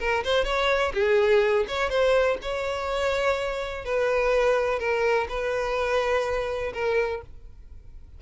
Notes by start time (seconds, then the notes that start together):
0.00 A#4
0.24 C5
0.45 C#5
0.94 G#4
1.68 C#5
1.90 C5
2.42 C#5
3.85 B4
4.79 A#4
5.29 B4
6.74 A#4